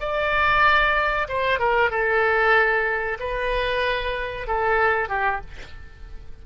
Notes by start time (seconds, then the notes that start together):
0.00 D5
1.28 C5
1.59 A#4
1.90 A4
3.19 B4
4.47 A4
5.09 G4